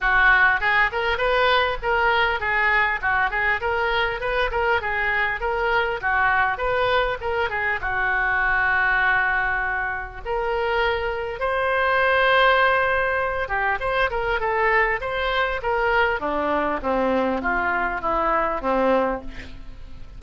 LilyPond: \new Staff \with { instrumentName = "oboe" } { \time 4/4 \tempo 4 = 100 fis'4 gis'8 ais'8 b'4 ais'4 | gis'4 fis'8 gis'8 ais'4 b'8 ais'8 | gis'4 ais'4 fis'4 b'4 | ais'8 gis'8 fis'2.~ |
fis'4 ais'2 c''4~ | c''2~ c''8 g'8 c''8 ais'8 | a'4 c''4 ais'4 d'4 | c'4 f'4 e'4 c'4 | }